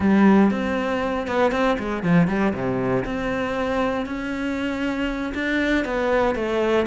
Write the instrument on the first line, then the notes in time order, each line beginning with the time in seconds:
cello
0.00 G3
0.50 C4
1.27 B3
1.51 C4
1.78 G#3
2.03 F3
2.27 G3
2.53 C3
3.04 C4
4.06 C#4
5.34 D4
5.85 B3
6.35 A3